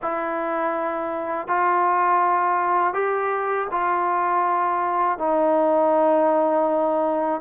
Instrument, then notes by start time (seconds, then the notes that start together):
trombone
0.02 E4
1.47 F4
2.93 G4
3.71 F4
5.18 D#4